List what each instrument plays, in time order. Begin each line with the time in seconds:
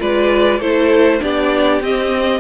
0.00 cello G#3, viola F4, violin B4 D5
0.59 cello A3, viola E4, violin A4 C5
1.21 cello B3, viola D4, violin G4 D5
1.81 cello C4, viola C4, violin D#5